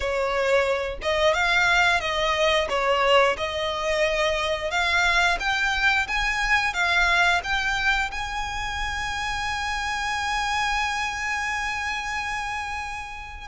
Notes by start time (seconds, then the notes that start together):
0.00 C#5
1.01 D#5
1.33 F5
2.00 D#5
2.69 C#5
3.37 D#5
4.70 F5
5.39 G5
6.07 G#5
6.73 F5
7.43 G5
8.11 G#5